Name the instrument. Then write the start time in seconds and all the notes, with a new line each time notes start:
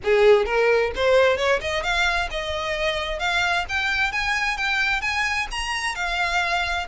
violin
0.04 G#4
0.45 A#4
0.95 C5
1.37 C#5
1.61 D#5
1.83 F5
2.30 D#5
3.19 F5
3.68 G5
4.12 G#5
4.57 G5
5.01 G#5
5.51 A#5
5.95 F5